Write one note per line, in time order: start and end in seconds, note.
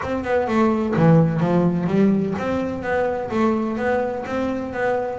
0.03 0.24 C4
0.24 0.47 B3
0.47 0.94 A3
0.96 1.40 E3
1.40 1.86 F3
1.86 2.34 G3
2.38 2.82 C4
2.82 3.29 B3
3.30 3.77 A3
3.77 4.24 B3
4.25 4.73 C4
4.73 5.19 B3